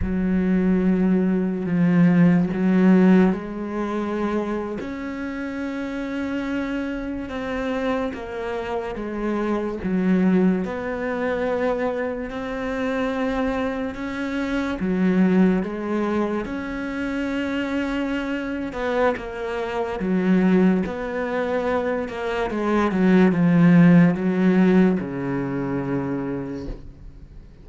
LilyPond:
\new Staff \with { instrumentName = "cello" } { \time 4/4 \tempo 4 = 72 fis2 f4 fis4 | gis4.~ gis16 cis'2~ cis'16~ | cis'8. c'4 ais4 gis4 fis16~ | fis8. b2 c'4~ c'16~ |
c'8. cis'4 fis4 gis4 cis'16~ | cis'2~ cis'8 b8 ais4 | fis4 b4. ais8 gis8 fis8 | f4 fis4 cis2 | }